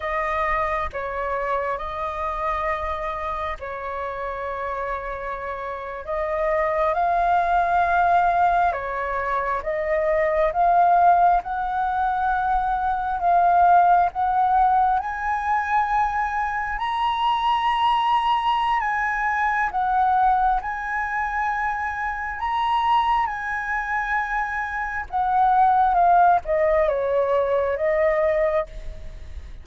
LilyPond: \new Staff \with { instrumentName = "flute" } { \time 4/4 \tempo 4 = 67 dis''4 cis''4 dis''2 | cis''2~ cis''8. dis''4 f''16~ | f''4.~ f''16 cis''4 dis''4 f''16~ | f''8. fis''2 f''4 fis''16~ |
fis''8. gis''2 ais''4~ ais''16~ | ais''4 gis''4 fis''4 gis''4~ | gis''4 ais''4 gis''2 | fis''4 f''8 dis''8 cis''4 dis''4 | }